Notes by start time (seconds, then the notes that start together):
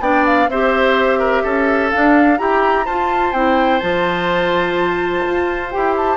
0.00 B3 D4 D5 G5
0.26 F5
0.48 C4 G4 C5 E5
1.19 A#4
1.43 C#4 A4
1.91 D4 F5
2.37 E4 G4 A#5
2.85 F4 C5 A5
3.32 C4 E4 G5
3.79 F3 F4 A5
5.26 F4
5.71 E4 G4 G5
5.97 A5